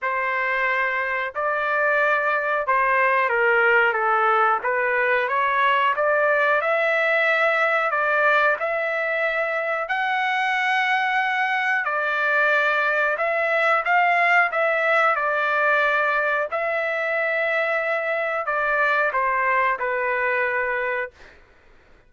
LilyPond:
\new Staff \with { instrumentName = "trumpet" } { \time 4/4 \tempo 4 = 91 c''2 d''2 | c''4 ais'4 a'4 b'4 | cis''4 d''4 e''2 | d''4 e''2 fis''4~ |
fis''2 d''2 | e''4 f''4 e''4 d''4~ | d''4 e''2. | d''4 c''4 b'2 | }